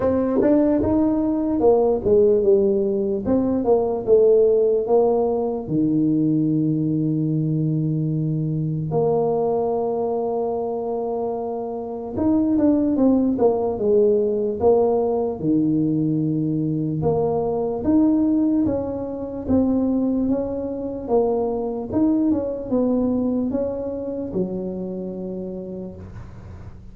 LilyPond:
\new Staff \with { instrumentName = "tuba" } { \time 4/4 \tempo 4 = 74 c'8 d'8 dis'4 ais8 gis8 g4 | c'8 ais8 a4 ais4 dis4~ | dis2. ais4~ | ais2. dis'8 d'8 |
c'8 ais8 gis4 ais4 dis4~ | dis4 ais4 dis'4 cis'4 | c'4 cis'4 ais4 dis'8 cis'8 | b4 cis'4 fis2 | }